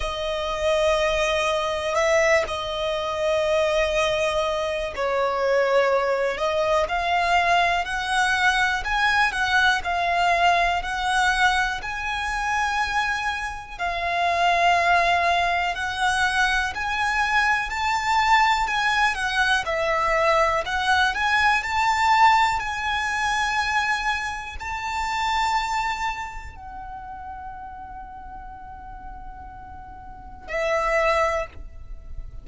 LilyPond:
\new Staff \with { instrumentName = "violin" } { \time 4/4 \tempo 4 = 61 dis''2 e''8 dis''4.~ | dis''4 cis''4. dis''8 f''4 | fis''4 gis''8 fis''8 f''4 fis''4 | gis''2 f''2 |
fis''4 gis''4 a''4 gis''8 fis''8 | e''4 fis''8 gis''8 a''4 gis''4~ | gis''4 a''2 fis''4~ | fis''2. e''4 | }